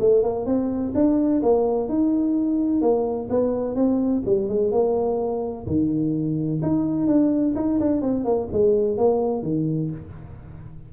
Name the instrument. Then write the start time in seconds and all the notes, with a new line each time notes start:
tuba
0.00 A3
0.23 A#3
0.46 C4
0.95 D4
1.42 A#3
1.89 D#4
2.82 A#3
3.30 B3
3.75 C4
4.25 G3
4.49 G#3
4.72 A#3
5.67 D#3
6.62 D#4
7.07 D4
7.56 D#4
7.80 D4
8.02 C4
8.25 A#3
8.52 G#3
8.97 A#3
9.43 D#3